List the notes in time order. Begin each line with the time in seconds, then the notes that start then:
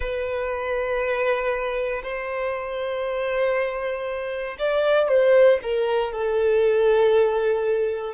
0.00 B4
2.02 C5
4.59 D5
5.08 C5
5.62 A#4
6.12 A4